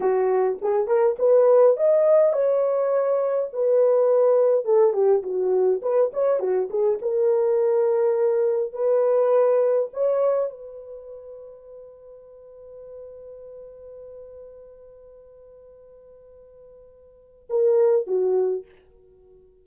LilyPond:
\new Staff \with { instrumentName = "horn" } { \time 4/4 \tempo 4 = 103 fis'4 gis'8 ais'8 b'4 dis''4 | cis''2 b'2 | a'8 g'8 fis'4 b'8 cis''8 fis'8 gis'8 | ais'2. b'4~ |
b'4 cis''4 b'2~ | b'1~ | b'1~ | b'2 ais'4 fis'4 | }